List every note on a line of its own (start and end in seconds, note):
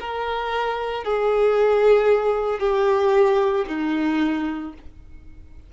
0.00 1.04 A#4
1.04 2.59 G#4
2.59 3.65 G4
3.67 4.73 D#4